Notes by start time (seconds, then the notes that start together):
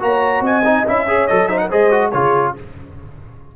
0.00 A#3 F#4 C#5 A#5
0.41 C4 D#5 G#5
0.65 D#4
0.86 C#4 E4 E5
1.07 G#4 C#5
1.28 F#3 A4 D#5
1.48 D#4 C5 E5
1.58 A#4 F#5
1.69 G#3 G#4 C5 D#5
1.91 F#4
2.11 C#3 F4 G#4 C#5